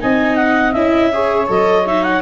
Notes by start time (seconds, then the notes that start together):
0.00 C4 D#4 D#5 G#5
0.36 F#5
0.72 C#4 E4 E5
1.12 G#4 C#5
1.48 F#3 A4 D#5
1.85 D#4 E5
2.03 F#5